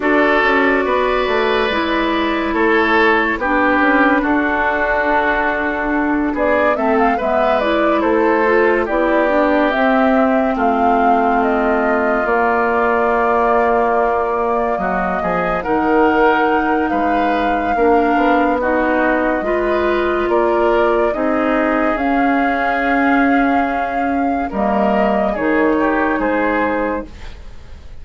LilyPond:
<<
  \new Staff \with { instrumentName = "flute" } { \time 4/4 \tempo 4 = 71 d''2. cis''4 | b'4 a'2~ a'8 d''8 | e''16 f''16 e''8 d''8 c''4 d''4 e''8~ | e''8 f''4 dis''4 d''4.~ |
d''4. dis''4 fis''4. | f''2 dis''2 | d''4 dis''4 f''2~ | f''4 dis''4 cis''4 c''4 | }
  \new Staff \with { instrumentName = "oboe" } { \time 4/4 a'4 b'2 a'4 | g'4 fis'2~ fis'8 gis'8 | a'8 b'4 a'4 g'4.~ | g'8 f'2.~ f'8~ |
f'4. fis'8 gis'8 ais'4. | b'4 ais'4 fis'4 b'4 | ais'4 gis'2.~ | gis'4 ais'4 gis'8 g'8 gis'4 | }
  \new Staff \with { instrumentName = "clarinet" } { \time 4/4 fis'2 e'2 | d'1 | c'8 b8 e'4 f'8 e'8 d'8 c'8~ | c'2~ c'8 ais4.~ |
ais2~ ais8 dis'4.~ | dis'4 d'4 dis'4 f'4~ | f'4 dis'4 cis'2~ | cis'4 ais4 dis'2 | }
  \new Staff \with { instrumentName = "bassoon" } { \time 4/4 d'8 cis'8 b8 a8 gis4 a4 | b8 cis'8 d'2~ d'8 b8 | a8 gis4 a4 b4 c'8~ | c'8 a2 ais4.~ |
ais4. fis8 f8 dis4. | gis4 ais8 b4. gis4 | ais4 c'4 cis'2~ | cis'4 g4 dis4 gis4 | }
>>